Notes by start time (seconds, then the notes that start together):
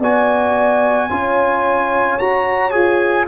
0.00 B3 F#4 D5 G#5
1.10 C#4 F4 C#5
2.19 F#4 A#5
2.71 F4 G#4 G#5